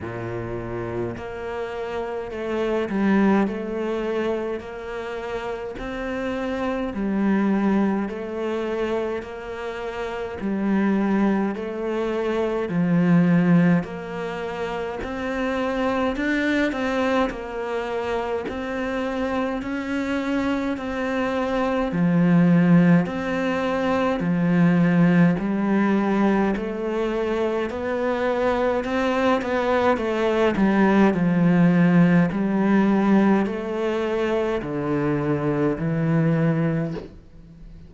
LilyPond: \new Staff \with { instrumentName = "cello" } { \time 4/4 \tempo 4 = 52 ais,4 ais4 a8 g8 a4 | ais4 c'4 g4 a4 | ais4 g4 a4 f4 | ais4 c'4 d'8 c'8 ais4 |
c'4 cis'4 c'4 f4 | c'4 f4 g4 a4 | b4 c'8 b8 a8 g8 f4 | g4 a4 d4 e4 | }